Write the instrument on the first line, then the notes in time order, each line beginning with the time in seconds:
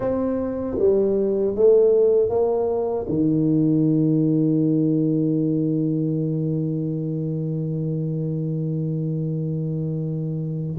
tuba
0.00 C4
0.78 G3
1.55 A3
2.29 A#3
3.08 D#3